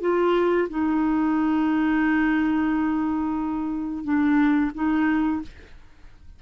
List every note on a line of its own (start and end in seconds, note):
0.00 0.67 F4
0.69 4.04 D#4
4.04 4.71 D4
4.74 5.41 D#4